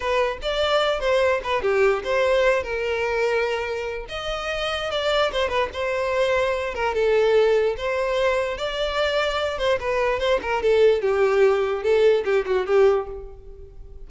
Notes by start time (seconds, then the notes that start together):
0.00 B4
0.41 D5
0.99 C5
1.43 B4
1.62 G4
2.04 C5
2.63 A#4
4.09 D#5
4.90 D5
5.32 C5
5.48 B4
5.73 C5
6.74 A#4
6.94 A4
7.77 C5
8.57 D5
9.58 C5
9.79 B4
10.19 C5
10.41 A#4
10.62 A4
11.01 G4
11.83 A4
12.24 G4
12.46 F#4
12.66 G4